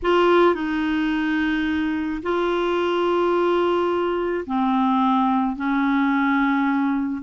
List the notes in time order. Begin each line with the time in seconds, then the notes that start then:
0.02 F4
0.54 D#4
2.22 F4
4.46 C4
5.56 C#4